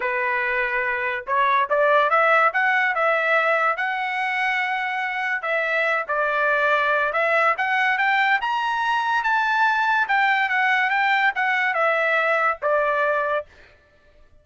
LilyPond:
\new Staff \with { instrumentName = "trumpet" } { \time 4/4 \tempo 4 = 143 b'2. cis''4 | d''4 e''4 fis''4 e''4~ | e''4 fis''2.~ | fis''4 e''4. d''4.~ |
d''4 e''4 fis''4 g''4 | ais''2 a''2 | g''4 fis''4 g''4 fis''4 | e''2 d''2 | }